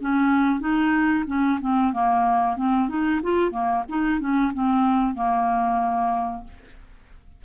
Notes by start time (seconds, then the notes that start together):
0.00 C#4
0.60 D#4
1.26 C#4
1.60 C4
1.93 A#3
2.56 C4
2.88 D#4
3.22 F4
3.51 A#3
3.88 D#4
4.20 C#4
4.53 C4
5.14 A#3